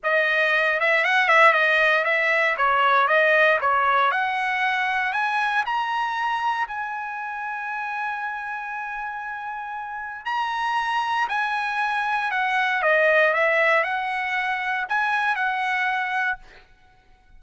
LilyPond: \new Staff \with { instrumentName = "trumpet" } { \time 4/4 \tempo 4 = 117 dis''4. e''8 fis''8 e''8 dis''4 | e''4 cis''4 dis''4 cis''4 | fis''2 gis''4 ais''4~ | ais''4 gis''2.~ |
gis''1 | ais''2 gis''2 | fis''4 dis''4 e''4 fis''4~ | fis''4 gis''4 fis''2 | }